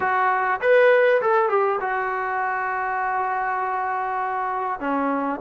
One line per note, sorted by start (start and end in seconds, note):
0.00 0.60 F#4
0.61 1.21 B4
1.21 1.49 A4
1.49 1.79 G4
1.80 4.80 F#4
4.80 5.40 C#4